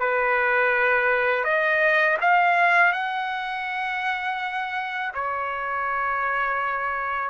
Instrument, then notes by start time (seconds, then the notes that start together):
trumpet
0.00 B4
1.45 D#5
2.21 F5
2.93 F#5
5.15 C#5